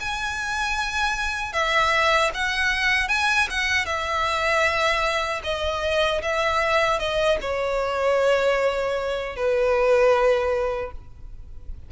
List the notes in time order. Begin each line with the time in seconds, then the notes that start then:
0.00 G#5
1.53 E5
2.34 F#5
3.09 G#5
3.50 F#5
3.86 E5
5.44 D#5
6.22 E5
7.00 D#5
7.41 C#5
9.36 B4